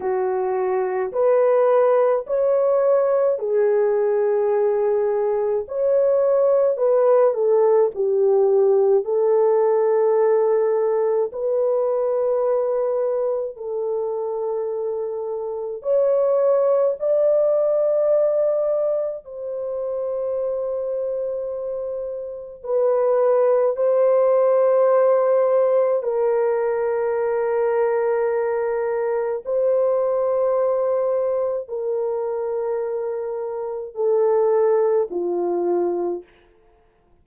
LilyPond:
\new Staff \with { instrumentName = "horn" } { \time 4/4 \tempo 4 = 53 fis'4 b'4 cis''4 gis'4~ | gis'4 cis''4 b'8 a'8 g'4 | a'2 b'2 | a'2 cis''4 d''4~ |
d''4 c''2. | b'4 c''2 ais'4~ | ais'2 c''2 | ais'2 a'4 f'4 | }